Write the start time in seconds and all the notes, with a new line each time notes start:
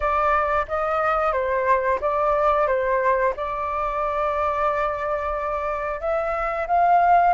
0.00 D5
0.68 D#5
1.32 C5
2.01 D5
2.67 C5
3.36 D5
6.00 E5
6.67 F5